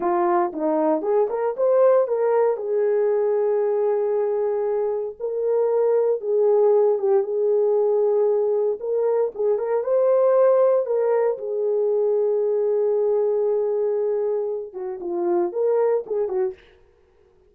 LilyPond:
\new Staff \with { instrumentName = "horn" } { \time 4/4 \tempo 4 = 116 f'4 dis'4 gis'8 ais'8 c''4 | ais'4 gis'2.~ | gis'2 ais'2 | gis'4. g'8 gis'2~ |
gis'4 ais'4 gis'8 ais'8 c''4~ | c''4 ais'4 gis'2~ | gis'1~ | gis'8 fis'8 f'4 ais'4 gis'8 fis'8 | }